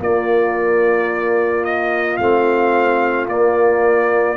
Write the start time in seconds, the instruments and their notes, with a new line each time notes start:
0.00 tuba A#3, trombone A#3, horn F4, trumpet D5
1.64 trumpet D#5
2.17 tuba A3, trombone C4, trumpet F5
3.28 tuba A#3, trombone A#3, trumpet D5